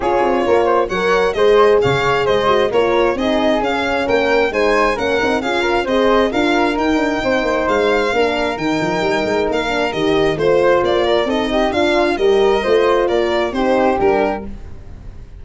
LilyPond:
<<
  \new Staff \with { instrumentName = "violin" } { \time 4/4 \tempo 4 = 133 cis''2 fis''4 dis''4 | f''4 dis''4 cis''4 dis''4 | f''4 g''4 gis''4 fis''4 | f''4 dis''4 f''4 g''4~ |
g''4 f''2 g''4~ | g''4 f''4 dis''4 c''4 | d''4 dis''4 f''4 dis''4~ | dis''4 d''4 c''4 ais'4 | }
  \new Staff \with { instrumentName = "flute" } { \time 4/4 gis'4 ais'8 c''8 cis''4 c''4 | cis''4 c''4 ais'4 gis'4~ | gis'4 ais'4 c''4 ais'4 | gis'8 ais'8 c''4 ais'2 |
c''2 ais'2~ | ais'2. c''4~ | c''8 ais'8 a'8 g'8 f'4 ais'4 | c''4 ais'4 g'2 | }
  \new Staff \with { instrumentName = "horn" } { \time 4/4 f'2 ais'4 gis'4~ | gis'4. fis'8 f'4 dis'4 | cis'2 dis'4 cis'8 dis'8 | f'4 gis'4 f'4 dis'4~ |
dis'2 d'4 dis'4~ | dis'4. d'8 g'4 f'4~ | f'4 dis'4 d'4 g'4 | f'2 dis'4 d'4 | }
  \new Staff \with { instrumentName = "tuba" } { \time 4/4 cis'8 c'8 ais4 fis4 gis4 | cis4 gis4 ais4 c'4 | cis'4 ais4 gis4 ais8 c'8 | cis'4 c'4 d'4 dis'8 d'8 |
c'8 ais8 gis4 ais4 dis8 f8 | g8 gis8 ais4 dis4 a4 | ais4 c'4 d'4 g4 | a4 ais4 c'4 g4 | }
>>